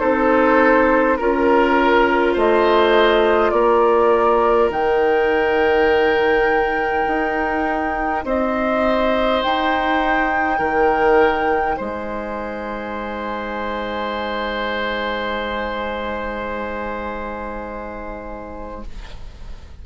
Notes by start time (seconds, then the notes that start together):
0.00 C4 D#4 A4 C5
1.17 C#4 F4 A#4
2.34 A3 C5 D#5
3.51 A#3 A#4 D5
4.70 D#3 D#4 G5
7.08 D#4
8.25 C4 C5 D#5
9.43 D#4 G5
10.58 D#3 A#4
11.77 G#3 C5 G#5